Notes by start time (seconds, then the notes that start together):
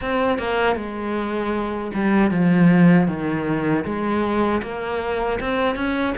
0.01 C4
0.38 A#3
0.76 G#3
1.93 G3
2.30 F3
3.07 D#3
3.85 G#3
4.62 A#3
5.40 C4
5.75 C#4